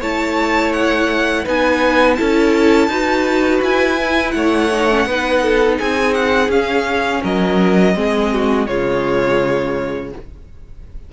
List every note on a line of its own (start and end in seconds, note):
0.00 1.46 A3
0.00 1.45 E4
0.00 1.45 C#5
0.00 0.73 A5
0.73 1.45 F#5
1.45 2.19 B3
1.45 2.17 D#4
1.45 2.17 B4
1.45 2.15 G#5
2.15 2.88 C#4
2.15 2.90 E4
2.15 2.90 A4
2.15 3.60 A5
2.88 3.60 D#4
2.88 3.98 F#4
2.88 4.35 B4
3.62 4.34 E4
3.62 4.31 G#5
3.99 4.71 E4
4.31 5.06 A3
4.31 5.08 C#5
4.31 5.76 F#5
4.73 4.91 D#4
4.91 5.09 C#4
5.06 5.79 B3
5.06 6.51 D#4
5.06 5.42 B4
5.42 5.78 A4
5.78 6.49 C4
5.78 7.22 G#4
5.78 6.14 G#5
6.14 6.51 F#5
6.49 7.21 C#4
6.49 7.95 C#4
6.49 7.23 F5
7.22 7.96 F#3
7.22 7.95 A#4
7.22 8.67 D#5
7.95 8.68 G#3
7.95 8.68 C4
7.95 8.33 G#4
8.33 8.68 F#4
8.67 10.13 C#3
8.67 10.12 G#3
8.67 10.12 F4
8.67 10.12 C#5